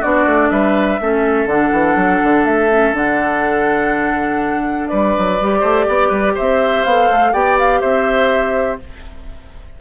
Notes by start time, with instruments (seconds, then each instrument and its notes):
0.00 bassoon B3, clarinet D4, oboe F#4, flute D5
0.26 bassoon A3
0.50 bassoon G3, oboe B4, flute E5
1.00 bassoon A3, clarinet C#4, oboe A4
1.46 bassoon D3, clarinet D4, flute F#5
1.73 bassoon E3
1.96 bassoon F#3
2.24 bassoon D3
2.45 bassoon A3, flute E5
2.70 clarinet C#4
2.93 bassoon D3, clarinet D4, flute F#5
4.88 bassoon G3, oboe B4, flute D5
5.18 bassoon F#3
5.41 bassoon G3, clarinet G4
5.60 bassoon A3, oboe C5
5.89 bassoon B3, oboe D5
6.08 bassoon G3, oboe B4
6.35 bassoon C4, oboe C5, flute E5
6.84 bassoon B3, clarinet A4, flute F5
7.11 bassoon A3
7.33 bassoon B3, clarinet G4, oboe D5, flute G5
7.59 flute F5
7.81 bassoon C4, oboe C5, flute E5